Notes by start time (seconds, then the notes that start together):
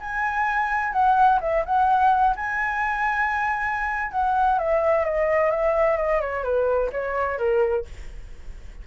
0.00 G#5
0.92 F#5
1.40 E5
1.65 F#5
2.35 G#5
4.11 F#5
4.58 E5
5.04 D#5
5.50 E5
5.97 D#5
6.20 C#5
6.43 B4
6.92 C#5
7.38 A#4